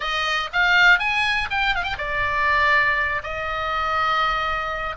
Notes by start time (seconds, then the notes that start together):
0.00 D#5
0.52 F5
0.99 G#5
1.50 G5
1.75 F5
1.83 G5
1.97 D5
3.23 D#5